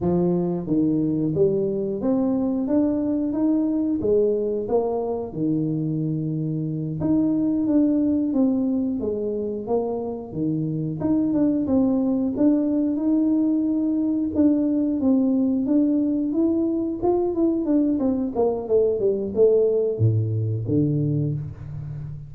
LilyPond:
\new Staff \with { instrumentName = "tuba" } { \time 4/4 \tempo 4 = 90 f4 dis4 g4 c'4 | d'4 dis'4 gis4 ais4 | dis2~ dis8 dis'4 d'8~ | d'8 c'4 gis4 ais4 dis8~ |
dis8 dis'8 d'8 c'4 d'4 dis'8~ | dis'4. d'4 c'4 d'8~ | d'8 e'4 f'8 e'8 d'8 c'8 ais8 | a8 g8 a4 a,4 d4 | }